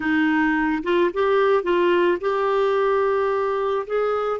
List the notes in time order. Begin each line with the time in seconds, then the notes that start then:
0.00 D#4
0.83 F4
1.13 G4
1.63 F4
2.20 G4
3.87 G#4